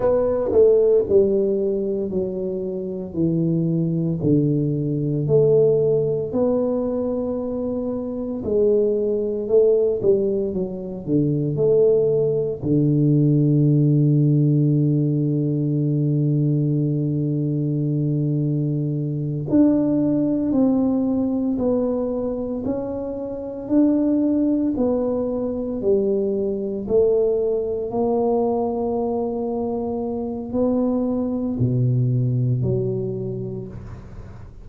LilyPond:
\new Staff \with { instrumentName = "tuba" } { \time 4/4 \tempo 4 = 57 b8 a8 g4 fis4 e4 | d4 a4 b2 | gis4 a8 g8 fis8 d8 a4 | d1~ |
d2~ d8 d'4 c'8~ | c'8 b4 cis'4 d'4 b8~ | b8 g4 a4 ais4.~ | ais4 b4 b,4 fis4 | }